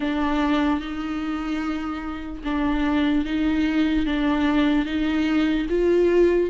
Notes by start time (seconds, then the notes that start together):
0.00 D4
0.80 D#4
2.44 D4
3.25 D#4
4.05 D4
4.85 D#4
5.69 F4